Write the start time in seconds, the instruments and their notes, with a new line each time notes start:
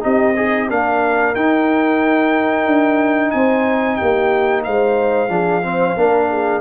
0.00 tuba C4, trombone D#4, horn G4, trumpet D#5
0.36 horn D#4, trombone G#4
0.70 tuba A#3, trombone D4, horn A#4, trumpet F5
1.35 tuba D#4, trombone D#4, trumpet G5
2.66 tuba D4
3.31 tuba C4, horn C5, trumpet G#5
3.96 tuba A#3, horn G4, trumpet G5
4.64 tuba G#3, horn C5, trumpet F5
5.29 tuba F3, trombone D4, horn G#4
5.63 trombone C4, horn C5
5.97 tuba A#3, trombone D4, horn A#4
6.31 horn G#4